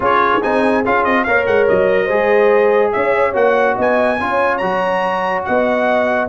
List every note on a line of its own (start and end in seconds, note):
0.00 0.38 C#4
0.00 0.41 F4
0.00 1.24 G#4
0.00 0.42 C#5
0.42 0.85 C4
0.42 0.84 D#4
0.42 0.84 G#5
0.85 1.05 C#4
0.85 1.27 F4
0.85 1.04 F5
1.04 1.26 C4
1.04 1.24 D#5
1.24 1.47 A#3
1.24 2.09 A#4
1.24 2.05 C#5
1.24 1.45 F5
1.46 1.68 G#3
1.46 1.67 F#5
1.68 2.09 F#3
1.68 2.92 D#5
2.05 2.93 G#3
2.05 3.33 G#4
2.05 2.89 C5
2.92 3.34 C#4
2.92 3.75 C#5
2.92 3.34 E5
3.33 3.76 A#3
3.33 4.17 F#4
3.33 3.77 F#5
3.75 4.20 B3
3.75 4.17 D#5
3.75 4.57 G#5
4.20 4.61 C#4
4.20 4.61 F4
4.20 5.46 C#5
4.57 5.45 F#3
4.57 6.28 F#4
4.57 5.41 A#5
5.44 6.28 B3
5.44 6.28 D#5
5.44 6.28 F#5